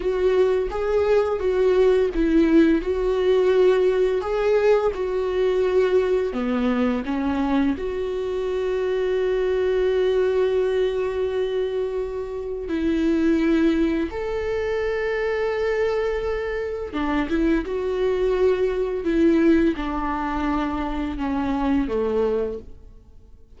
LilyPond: \new Staff \with { instrumentName = "viola" } { \time 4/4 \tempo 4 = 85 fis'4 gis'4 fis'4 e'4 | fis'2 gis'4 fis'4~ | fis'4 b4 cis'4 fis'4~ | fis'1~ |
fis'2 e'2 | a'1 | d'8 e'8 fis'2 e'4 | d'2 cis'4 a4 | }